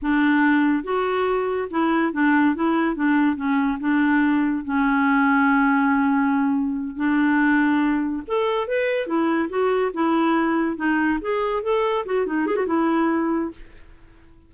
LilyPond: \new Staff \with { instrumentName = "clarinet" } { \time 4/4 \tempo 4 = 142 d'2 fis'2 | e'4 d'4 e'4 d'4 | cis'4 d'2 cis'4~ | cis'1~ |
cis'8 d'2. a'8~ | a'8 b'4 e'4 fis'4 e'8~ | e'4. dis'4 gis'4 a'8~ | a'8 fis'8 dis'8 gis'16 fis'16 e'2 | }